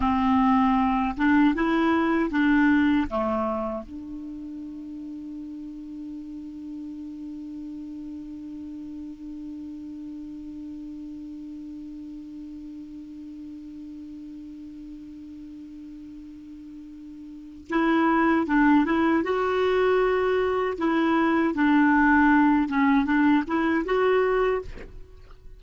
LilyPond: \new Staff \with { instrumentName = "clarinet" } { \time 4/4 \tempo 4 = 78 c'4. d'8 e'4 d'4 | a4 d'2.~ | d'1~ | d'1~ |
d'1~ | d'2. e'4 | d'8 e'8 fis'2 e'4 | d'4. cis'8 d'8 e'8 fis'4 | }